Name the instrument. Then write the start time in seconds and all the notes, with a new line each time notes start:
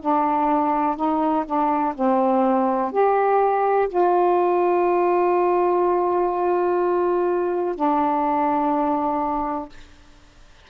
saxophone
0.00 D4
0.96 D#4
1.45 D4
1.95 C4
2.92 G4
3.88 F4
7.75 D4